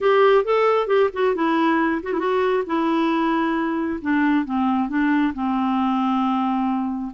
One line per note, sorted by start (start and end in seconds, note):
0.01 0.44 G4
0.44 0.87 A4
0.87 1.09 G4
1.13 1.35 F#4
1.35 2.01 E4
2.02 2.13 F#4
2.13 2.19 E4
2.19 2.63 F#4
2.66 3.99 E4
4.01 4.45 D4
4.45 4.88 C4
4.88 5.33 D4
5.34 7.12 C4